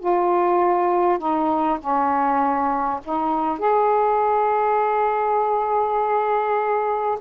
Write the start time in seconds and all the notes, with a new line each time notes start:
0.00 F4
1.19 D#4
1.81 C#4
3.05 D#4
3.59 G#4